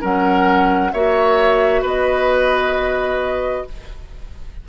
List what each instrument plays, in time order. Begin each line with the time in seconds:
0.00 bassoon F#3, clarinet C#4, oboe A#4, flute F#5
0.92 bassoon A#3, clarinet F#4, oboe C#5, flute E5
1.81 bassoon B3, oboe B4, flute D#5